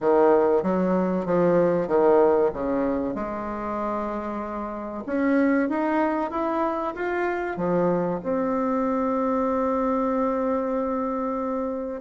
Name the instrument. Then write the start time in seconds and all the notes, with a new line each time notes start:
bassoon
0.01 D#3
0.63 F#3
1.25 F3
1.87 D#3
2.53 C#3
3.14 G#3
5.06 C#4
5.69 D#4
6.30 E4
6.95 F4
7.56 F3
8.23 C4